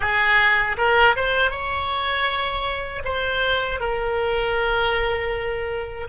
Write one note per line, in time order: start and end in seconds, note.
0.00 0.76 G#4
0.77 1.15 A#4
1.16 1.51 C5
1.51 3.02 C#5
3.04 3.79 C5
3.79 6.07 A#4